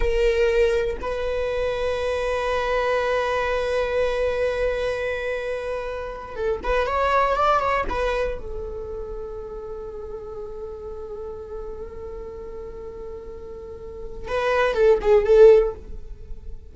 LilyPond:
\new Staff \with { instrumentName = "viola" } { \time 4/4 \tempo 4 = 122 ais'2 b'2~ | b'1~ | b'1~ | b'4 a'8 b'8 cis''4 d''8 cis''8 |
b'4 a'2.~ | a'1~ | a'1~ | a'4 b'4 a'8 gis'8 a'4 | }